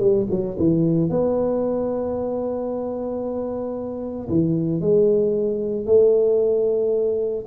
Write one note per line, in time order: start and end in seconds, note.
0.00 0.27 G3
0.31 0.57 F#3
0.59 1.10 E3
1.10 4.29 B3
4.29 4.81 E3
4.81 5.86 G#3
5.86 7.46 A3